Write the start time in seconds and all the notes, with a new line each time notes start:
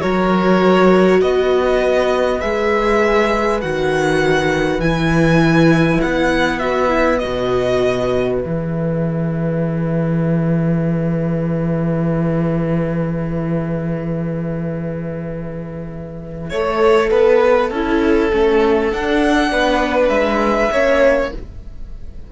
0.00 F#3 F#4 A#4 C#5
1.22 B3 B4 D#5
2.41 G#3 G#4 E5
3.61 D#3 F#4 F#5
4.79 E3 E4 G#5
6.02 B3 F#5
6.58 F#4 E5
6.88 E4
7.19 B2 F#4 D#5
8.38 G#4 E5
8.45 E3
16.50 A3 A4 C#5
17.11 B3 B4
17.69 C#4 E4 A4
18.32 A3 C#4
18.92 D4 F#5
19.52 B3 B4
20.09 G#3 E5
20.72 A#3 C#4 C#5